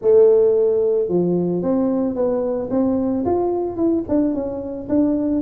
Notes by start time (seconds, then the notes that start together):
0.01 A3
1.08 F3
1.62 C4
2.15 B3
2.70 C4
3.25 F4
3.76 E4
4.08 D4
4.33 C#4
4.88 D4